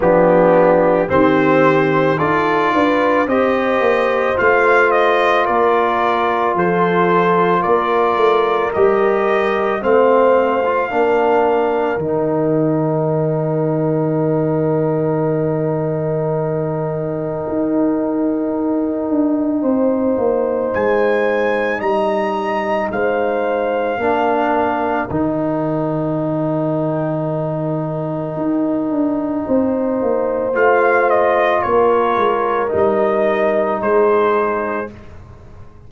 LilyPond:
<<
  \new Staff \with { instrumentName = "trumpet" } { \time 4/4 \tempo 4 = 55 g'4 c''4 d''4 dis''4 | f''8 dis''8 d''4 c''4 d''4 | dis''4 f''2 g''4~ | g''1~ |
g''2. gis''4 | ais''4 f''2 g''4~ | g''1 | f''8 dis''8 cis''4 dis''4 c''4 | }
  \new Staff \with { instrumentName = "horn" } { \time 4/4 d'4 g'4 a'8 b'8 c''4~ | c''4 ais'4 a'4 ais'4~ | ais'4 c''4 ais'2~ | ais'1~ |
ais'2 c''2 | dis''4 c''4 ais'2~ | ais'2. c''4~ | c''4 ais'2 gis'4 | }
  \new Staff \with { instrumentName = "trombone" } { \time 4/4 b4 c'4 f'4 g'4 | f'1 | g'4 c'8. f'16 d'4 dis'4~ | dis'1~ |
dis'1~ | dis'2 d'4 dis'4~ | dis'1 | f'2 dis'2 | }
  \new Staff \with { instrumentName = "tuba" } { \time 4/4 f4 dis4 dis'8 d'8 c'8 ais8 | a4 ais4 f4 ais8 a8 | g4 a4 ais4 dis4~ | dis1 |
dis'4. d'8 c'8 ais8 gis4 | g4 gis4 ais4 dis4~ | dis2 dis'8 d'8 c'8 ais8 | a4 ais8 gis8 g4 gis4 | }
>>